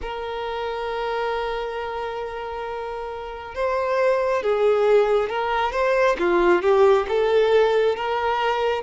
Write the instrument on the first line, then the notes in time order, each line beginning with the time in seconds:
violin
0.01 A#4
3.54 C5
4.42 G#4
5.29 A#4
5.72 C5
6.18 F4
6.62 G4
7.08 A4
7.95 A#4